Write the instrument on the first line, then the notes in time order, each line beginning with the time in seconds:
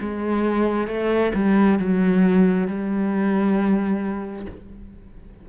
cello
0.00 G#3
0.88 A3
1.34 G3
1.79 F#3
2.67 G3